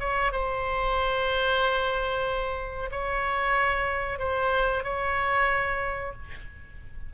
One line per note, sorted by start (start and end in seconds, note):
0.00 0.32 C#5
0.33 2.91 C5
2.91 4.19 C#5
4.19 4.84 C5
4.84 6.13 C#5